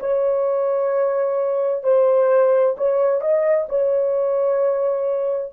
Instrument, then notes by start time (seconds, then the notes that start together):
horn
0.00 C#5
1.83 C5
2.77 C#5
3.21 D#5
3.69 C#5